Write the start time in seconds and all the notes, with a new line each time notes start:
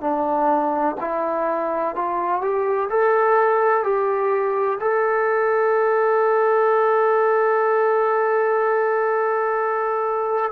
0.00 D4
1.00 E4
1.95 F4
2.41 G4
2.89 A4
3.83 G4
4.80 A4